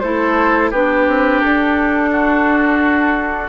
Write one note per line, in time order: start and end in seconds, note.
0.00 0.72 A3
0.00 0.73 E4
0.00 0.70 A4
0.00 0.70 C5
0.70 1.07 B3
0.70 3.49 D4
0.70 2.10 G4
0.70 1.40 B4
1.07 1.42 C4
1.40 3.49 D4
1.40 3.49 A4
2.11 3.49 F#4